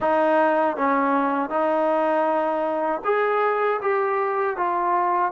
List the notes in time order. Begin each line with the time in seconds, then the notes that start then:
0.00 D#4
0.76 C#4
1.49 D#4
3.04 G#4
3.81 G4
4.56 F4